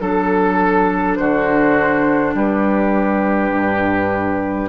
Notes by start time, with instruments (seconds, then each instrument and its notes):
0.00 bassoon F#3, clarinet D4, flute A4, oboe A4
1.16 bassoon D3, oboe F#4, flute C5
2.35 bassoon G3, oboe G4, flute B4
3.51 bassoon G2